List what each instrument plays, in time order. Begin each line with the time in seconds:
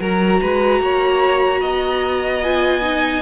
0.00 cello F#3, viola F#4, violin A#4 A#5
0.41 cello G#3, violin B4
0.81 cello A#3, violin C#5
1.61 cello B3, violin D#5
2.43 viola F4, violin G#5
2.82 viola D#4